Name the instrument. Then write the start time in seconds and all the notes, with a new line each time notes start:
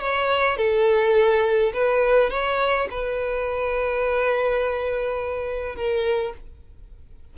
violin
0.00 C#5
0.57 A4
1.73 B4
2.30 C#5
2.91 B4
5.76 A#4